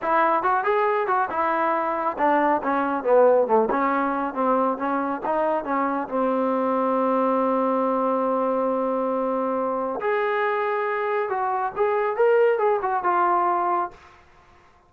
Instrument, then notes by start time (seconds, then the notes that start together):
trombone
0.02 E4
0.42 F#4
0.64 G#4
1.07 F#4
1.30 E4
2.18 D4
2.62 C#4
3.03 B3
3.47 A3
3.70 C#4
4.34 C4
4.77 C#4
5.25 D#4
5.64 C#4
6.08 C4
10.00 G#4
11.29 F#4
11.76 G#4
12.16 A#4
12.58 G#4
12.82 F#4
13.03 F4